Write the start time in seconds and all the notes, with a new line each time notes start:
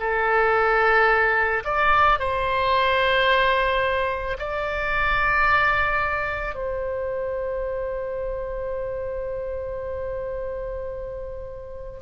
0.00 A4
1.65 D5
2.19 C5
4.39 D5
6.55 C5